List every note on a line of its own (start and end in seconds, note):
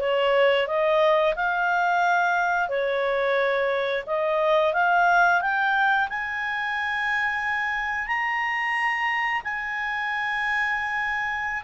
0.00 0.67 C#5
0.67 1.34 D#5
1.35 2.69 F5
2.69 4.04 C#5
4.06 4.73 D#5
4.73 5.41 F5
5.41 6.08 G5
6.09 8.07 G#5
8.07 9.42 A#5
9.44 11.63 G#5